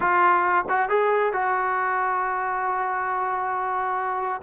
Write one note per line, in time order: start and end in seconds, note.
0.00 0.65 F4
0.68 0.89 F#4
0.89 1.33 G#4
1.33 4.41 F#4